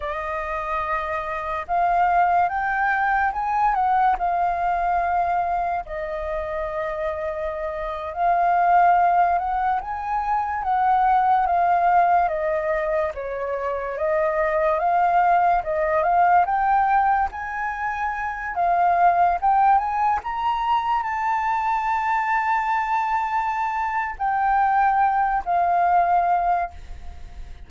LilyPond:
\new Staff \with { instrumentName = "flute" } { \time 4/4 \tempo 4 = 72 dis''2 f''4 g''4 | gis''8 fis''8 f''2 dis''4~ | dis''4.~ dis''16 f''4. fis''8 gis''16~ | gis''8. fis''4 f''4 dis''4 cis''16~ |
cis''8. dis''4 f''4 dis''8 f''8 g''16~ | g''8. gis''4. f''4 g''8 gis''16~ | gis''16 ais''4 a''2~ a''8.~ | a''4 g''4. f''4. | }